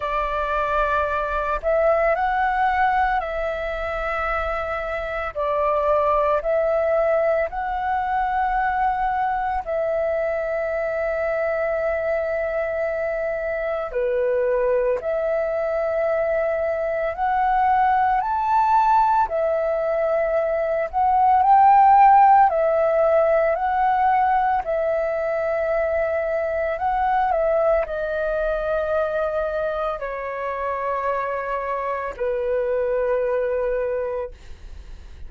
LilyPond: \new Staff \with { instrumentName = "flute" } { \time 4/4 \tempo 4 = 56 d''4. e''8 fis''4 e''4~ | e''4 d''4 e''4 fis''4~ | fis''4 e''2.~ | e''4 b'4 e''2 |
fis''4 a''4 e''4. fis''8 | g''4 e''4 fis''4 e''4~ | e''4 fis''8 e''8 dis''2 | cis''2 b'2 | }